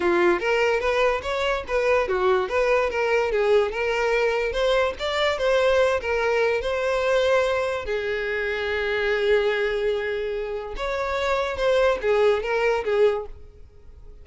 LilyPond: \new Staff \with { instrumentName = "violin" } { \time 4/4 \tempo 4 = 145 f'4 ais'4 b'4 cis''4 | b'4 fis'4 b'4 ais'4 | gis'4 ais'2 c''4 | d''4 c''4. ais'4. |
c''2. gis'4~ | gis'1~ | gis'2 cis''2 | c''4 gis'4 ais'4 gis'4 | }